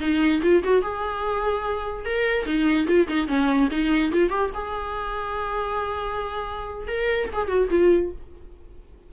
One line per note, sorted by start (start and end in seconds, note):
0.00 0.41 D#4
0.42 0.63 F4
0.63 0.82 F#4
0.82 2.05 G#4
2.05 2.46 A#4
2.46 2.87 D#4
2.87 3.07 F4
3.08 3.27 D#4
3.27 3.69 C#4
3.71 4.12 D#4
4.12 4.29 F4
4.29 4.50 G4
4.54 6.87 G#4
6.87 7.29 A#4
7.33 7.48 G#4
7.48 7.68 F#4
7.70 8.11 F4